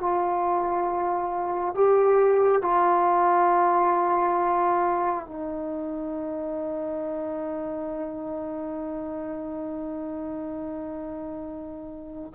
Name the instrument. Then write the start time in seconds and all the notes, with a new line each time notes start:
trombone
0.00 F4
1.75 G4
2.62 F4
5.27 D#4